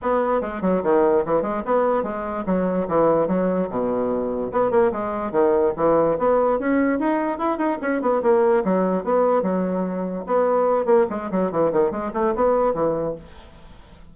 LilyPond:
\new Staff \with { instrumentName = "bassoon" } { \time 4/4 \tempo 4 = 146 b4 gis8 fis8 dis4 e8 gis8 | b4 gis4 fis4 e4 | fis4 b,2 b8 ais8 | gis4 dis4 e4 b4 |
cis'4 dis'4 e'8 dis'8 cis'8 b8 | ais4 fis4 b4 fis4~ | fis4 b4. ais8 gis8 fis8 | e8 dis8 gis8 a8 b4 e4 | }